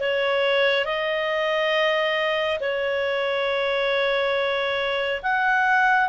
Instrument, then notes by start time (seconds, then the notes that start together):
clarinet
0.00 C#5
0.86 D#5
2.60 C#5
5.23 F#5